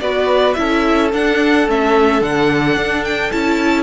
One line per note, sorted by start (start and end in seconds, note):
0.00 0.56 B3
0.00 0.55 F#4
0.00 0.58 B4
0.00 0.54 D5
0.54 1.13 C#4
0.54 1.10 E4
0.54 3.83 A4
0.54 1.09 E5
1.13 1.68 D4
1.13 1.67 D4
1.13 1.68 F#5
1.67 2.21 A3
1.67 2.21 C#4
1.67 2.22 E5
2.21 2.76 D3
2.21 3.31 D4
2.21 3.04 F#5
2.76 3.31 D4
3.04 3.32 G5
3.31 3.83 C#4
3.31 3.83 E4
3.31 3.83 A5